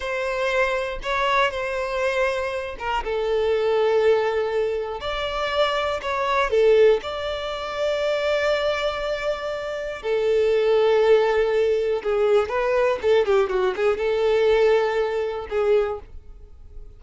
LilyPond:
\new Staff \with { instrumentName = "violin" } { \time 4/4 \tempo 4 = 120 c''2 cis''4 c''4~ | c''4. ais'8 a'2~ | a'2 d''2 | cis''4 a'4 d''2~ |
d''1 | a'1 | gis'4 b'4 a'8 g'8 fis'8 gis'8 | a'2. gis'4 | }